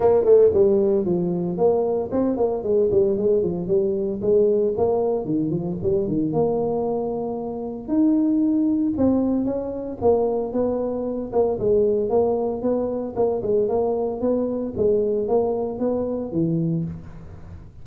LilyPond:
\new Staff \with { instrumentName = "tuba" } { \time 4/4 \tempo 4 = 114 ais8 a8 g4 f4 ais4 | c'8 ais8 gis8 g8 gis8 f8 g4 | gis4 ais4 dis8 f8 g8 dis8 | ais2. dis'4~ |
dis'4 c'4 cis'4 ais4 | b4. ais8 gis4 ais4 | b4 ais8 gis8 ais4 b4 | gis4 ais4 b4 e4 | }